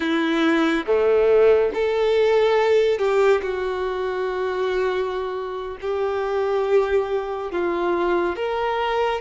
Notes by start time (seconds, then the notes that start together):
0.00 E4
0.86 A3
1.74 A4
2.98 G4
3.42 F#4
5.81 G4
7.51 F4
8.36 A#4